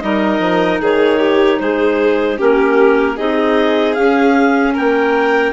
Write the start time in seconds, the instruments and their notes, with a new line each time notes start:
0.00 bassoon G3, clarinet D#4 D#5, violin A#4
0.39 bassoon F3
0.81 bassoon D#3, violin G#4, clarinet C#5
1.19 violin G4
1.60 bassoon G#3, violin G#4, clarinet C5
2.37 bassoon A#3, clarinet C#4 A#4, violin G4
3.16 bassoon C4, clarinet D#4 D#5, violin G#4
3.93 bassoon C#4, clarinet C#4 F5
4.73 bassoon A#3, violin A#4, clarinet G5